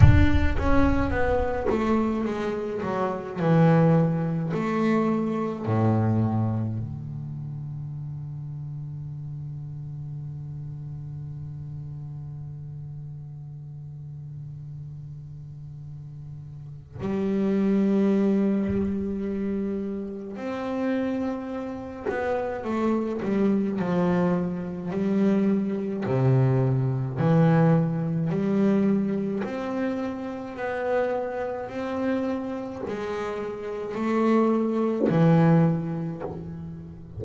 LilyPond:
\new Staff \with { instrumentName = "double bass" } { \time 4/4 \tempo 4 = 53 d'8 cis'8 b8 a8 gis8 fis8 e4 | a4 a,4 d2~ | d1~ | d2. g4~ |
g2 c'4. b8 | a8 g8 f4 g4 c4 | e4 g4 c'4 b4 | c'4 gis4 a4 e4 | }